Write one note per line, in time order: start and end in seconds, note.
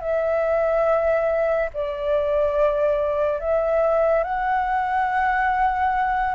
0.00 1.69 E5
1.73 3.40 D5
3.40 4.23 E5
4.23 6.34 F#5